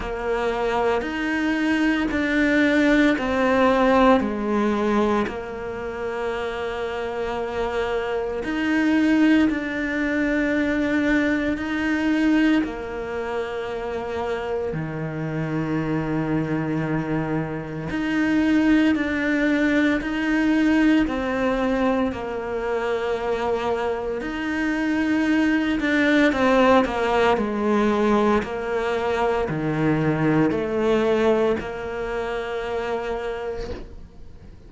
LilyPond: \new Staff \with { instrumentName = "cello" } { \time 4/4 \tempo 4 = 57 ais4 dis'4 d'4 c'4 | gis4 ais2. | dis'4 d'2 dis'4 | ais2 dis2~ |
dis4 dis'4 d'4 dis'4 | c'4 ais2 dis'4~ | dis'8 d'8 c'8 ais8 gis4 ais4 | dis4 a4 ais2 | }